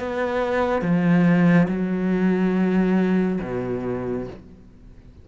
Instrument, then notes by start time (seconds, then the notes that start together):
cello
0.00 B3
0.82 F3
1.69 F#3
3.42 B2